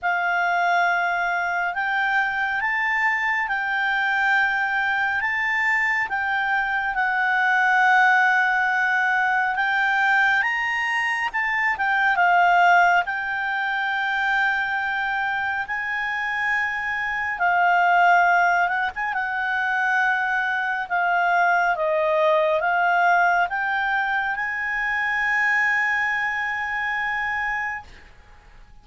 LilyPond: \new Staff \with { instrumentName = "clarinet" } { \time 4/4 \tempo 4 = 69 f''2 g''4 a''4 | g''2 a''4 g''4 | fis''2. g''4 | ais''4 a''8 g''8 f''4 g''4~ |
g''2 gis''2 | f''4. fis''16 gis''16 fis''2 | f''4 dis''4 f''4 g''4 | gis''1 | }